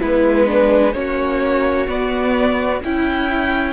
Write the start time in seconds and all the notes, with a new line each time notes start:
0.00 G#3 B3 E4 B4
0.47 D4
0.93 A#3 C#4 F#4 C#5
1.87 B3 D5
2.83 C#4 E4 G5